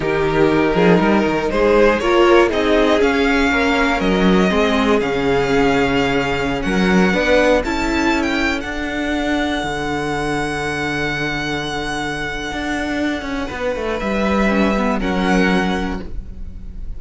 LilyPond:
<<
  \new Staff \with { instrumentName = "violin" } { \time 4/4 \tempo 4 = 120 ais'2. c''4 | cis''4 dis''4 f''2 | dis''2 f''2~ | f''4~ f''16 fis''2 a''8.~ |
a''8 g''8. fis''2~ fis''8.~ | fis''1~ | fis''1 | e''2 fis''2 | }
  \new Staff \with { instrumentName = "violin" } { \time 4/4 g'4. gis'8 ais'4 gis'4 | ais'4 gis'2 ais'4~ | ais'4 gis'2.~ | gis'4~ gis'16 ais'4 b'4 a'8.~ |
a'1~ | a'1~ | a'2. b'4~ | b'2 ais'2 | }
  \new Staff \with { instrumentName = "viola" } { \time 4/4 dis'1 | f'4 dis'4 cis'2~ | cis'4 c'4 cis'2~ | cis'2~ cis'16 d'4 e'8.~ |
e'4~ e'16 d'2~ d'8.~ | d'1~ | d'1~ | d'4 cis'8 b8 cis'2 | }
  \new Staff \with { instrumentName = "cello" } { \time 4/4 dis4. f8 g8 dis8 gis4 | ais4 c'4 cis'4 ais4 | fis4 gis4 cis2~ | cis4~ cis16 fis4 b4 cis'8.~ |
cis'4~ cis'16 d'2 d8.~ | d1~ | d4 d'4. cis'8 b8 a8 | g2 fis2 | }
>>